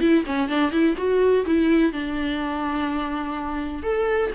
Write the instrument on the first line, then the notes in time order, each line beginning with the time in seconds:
viola
0.00 E4
0.26 C#4
0.49 D4
0.72 E4
0.97 F#4
1.46 E4
1.92 D4
3.83 A4